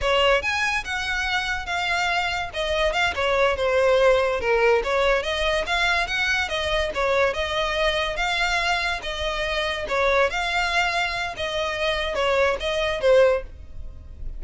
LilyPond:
\new Staff \with { instrumentName = "violin" } { \time 4/4 \tempo 4 = 143 cis''4 gis''4 fis''2 | f''2 dis''4 f''8 cis''8~ | cis''8 c''2 ais'4 cis''8~ | cis''8 dis''4 f''4 fis''4 dis''8~ |
dis''8 cis''4 dis''2 f''8~ | f''4. dis''2 cis''8~ | cis''8 f''2~ f''8 dis''4~ | dis''4 cis''4 dis''4 c''4 | }